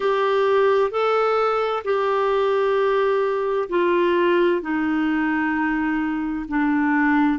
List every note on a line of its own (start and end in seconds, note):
0.00 0.91 G4
0.91 1.83 A4
1.84 3.68 G4
3.69 4.61 F4
4.61 6.46 D#4
6.48 7.39 D4